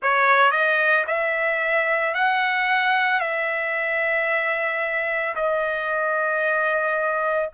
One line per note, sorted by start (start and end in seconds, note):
0.02 0.51 C#5
0.51 1.05 D#5
1.07 2.14 E5
2.14 3.20 F#5
3.20 5.34 E5
5.35 7.49 D#5